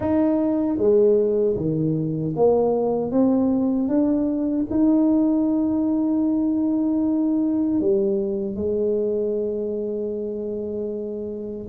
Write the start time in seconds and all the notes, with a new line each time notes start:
0.00 D#4
0.77 G#3
1.55 D#3
2.36 A#3
3.11 C4
3.88 D4
4.70 D#4
7.80 G3
8.55 G#3